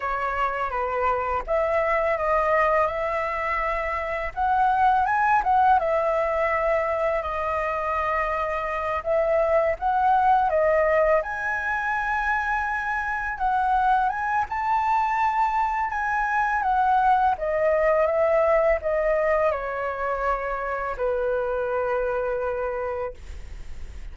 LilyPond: \new Staff \with { instrumentName = "flute" } { \time 4/4 \tempo 4 = 83 cis''4 b'4 e''4 dis''4 | e''2 fis''4 gis''8 fis''8 | e''2 dis''2~ | dis''8 e''4 fis''4 dis''4 gis''8~ |
gis''2~ gis''8 fis''4 gis''8 | a''2 gis''4 fis''4 | dis''4 e''4 dis''4 cis''4~ | cis''4 b'2. | }